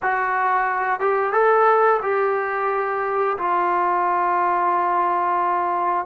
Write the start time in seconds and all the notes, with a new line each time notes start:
0.02 F#4
1.00 G4
1.33 A4
2.02 G4
3.38 F4